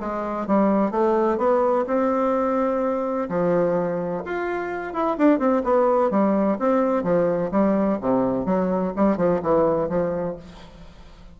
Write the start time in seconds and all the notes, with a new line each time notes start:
0.00 G#3
0.47 G3
0.91 A3
1.38 B3
1.87 C4
3.29 F3
4.25 F4
4.93 E4
5.18 D4
5.39 C4
5.63 B3
6.11 G3
6.59 C4
7.03 F3
7.51 G3
8.01 C3
8.45 F#3
8.96 G3
9.17 F3
9.42 E3
9.89 F3